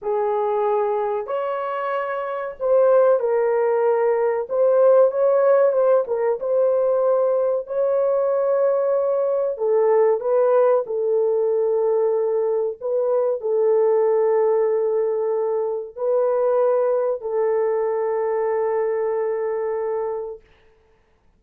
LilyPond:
\new Staff \with { instrumentName = "horn" } { \time 4/4 \tempo 4 = 94 gis'2 cis''2 | c''4 ais'2 c''4 | cis''4 c''8 ais'8 c''2 | cis''2. a'4 |
b'4 a'2. | b'4 a'2.~ | a'4 b'2 a'4~ | a'1 | }